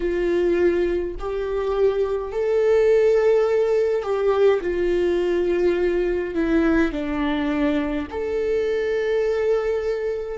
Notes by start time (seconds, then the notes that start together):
0.00 F4
1.19 G4
2.31 A4
4.02 G4
4.61 F4
6.34 E4
6.92 D4
8.10 A4